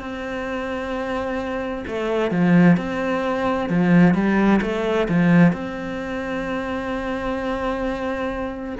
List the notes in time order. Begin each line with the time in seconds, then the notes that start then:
0.00 C4
1.87 A3
2.31 F3
2.77 C4
3.70 F3
4.14 G3
4.62 A3
5.09 F3
5.53 C4